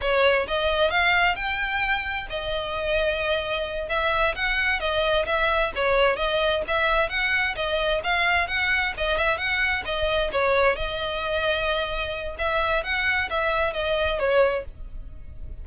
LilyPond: \new Staff \with { instrumentName = "violin" } { \time 4/4 \tempo 4 = 131 cis''4 dis''4 f''4 g''4~ | g''4 dis''2.~ | dis''8 e''4 fis''4 dis''4 e''8~ | e''8 cis''4 dis''4 e''4 fis''8~ |
fis''8 dis''4 f''4 fis''4 dis''8 | e''8 fis''4 dis''4 cis''4 dis''8~ | dis''2. e''4 | fis''4 e''4 dis''4 cis''4 | }